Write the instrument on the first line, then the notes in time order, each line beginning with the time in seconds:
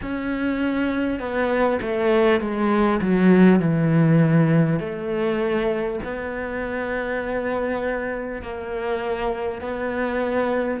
cello
0.02 C#4
1.19 B3
1.81 A3
2.40 G#3
3.01 F#3
3.59 E3
4.79 A3
6.03 B3
8.42 A#3
9.61 B3